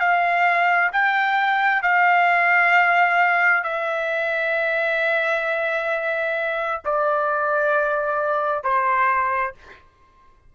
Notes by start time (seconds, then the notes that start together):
0.00 F5
0.93 G5
1.83 F5
3.64 E5
6.85 D5
8.64 C5